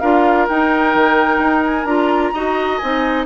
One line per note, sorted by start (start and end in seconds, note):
0.00 0.48 D4
0.00 0.48 F4
0.00 2.33 A#4
0.00 0.47 F5
0.48 0.95 D#4
0.48 1.87 D#4
0.48 1.64 G5
0.95 1.39 D#3
1.39 1.85 D#4
1.64 1.86 G#5
1.85 2.31 D4
1.85 2.33 F4
1.85 2.78 A#5
2.33 2.81 D#4
2.33 2.82 F#4
2.33 3.26 D#5
2.78 3.26 C4
2.78 3.26 D#4
2.78 3.24 G#5